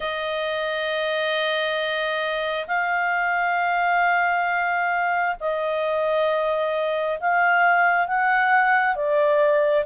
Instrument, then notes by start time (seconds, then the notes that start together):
clarinet
0.00 D#5
2.67 F5
5.40 D#5
7.19 F5
8.07 F#5
8.95 D5